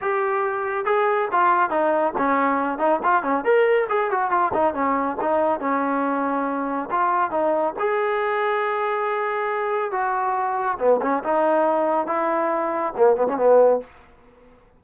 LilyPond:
\new Staff \with { instrumentName = "trombone" } { \time 4/4 \tempo 4 = 139 g'2 gis'4 f'4 | dis'4 cis'4. dis'8 f'8 cis'8 | ais'4 gis'8 fis'8 f'8 dis'8 cis'4 | dis'4 cis'2. |
f'4 dis'4 gis'2~ | gis'2. fis'4~ | fis'4 b8 cis'8 dis'2 | e'2 ais8 b16 cis'16 b4 | }